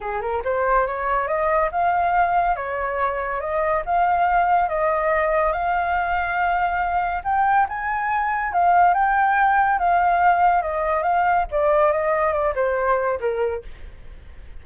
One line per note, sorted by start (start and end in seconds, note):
0.00 0.21 G#4
0.21 0.42 A#4
0.44 0.86 C5
0.86 1.27 C#5
1.27 1.70 D#5
1.71 2.56 F5
2.56 3.40 C#5
3.40 3.83 D#5
3.85 4.68 F5
4.68 5.52 D#5
5.52 7.22 F5
7.24 7.66 G5
7.68 8.52 G#5
8.52 8.94 F5
8.94 9.78 G5
9.78 10.62 F5
10.62 11.03 D#5
11.03 11.45 F5
11.51 11.92 D5
11.92 12.32 D#5
12.32 12.54 D5
12.55 13.19 C5
13.20 13.62 A#4